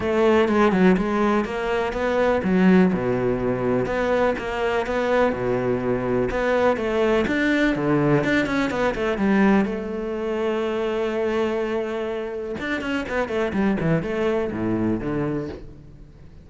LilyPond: \new Staff \with { instrumentName = "cello" } { \time 4/4 \tempo 4 = 124 a4 gis8 fis8 gis4 ais4 | b4 fis4 b,2 | b4 ais4 b4 b,4~ | b,4 b4 a4 d'4 |
d4 d'8 cis'8 b8 a8 g4 | a1~ | a2 d'8 cis'8 b8 a8 | g8 e8 a4 a,4 d4 | }